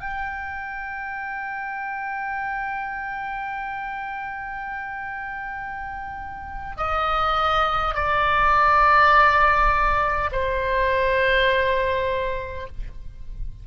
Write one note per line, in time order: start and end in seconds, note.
0.00 6.76 G5
6.76 7.94 D#5
7.95 10.30 D5
10.32 12.67 C5